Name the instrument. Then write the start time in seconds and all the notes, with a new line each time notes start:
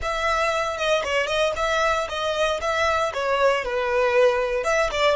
violin
0.02 E5
0.77 D#5
1.03 C#5
1.26 D#5
1.56 E5
2.08 D#5
2.61 E5
3.13 C#5
3.64 B4
4.64 E5
4.91 D5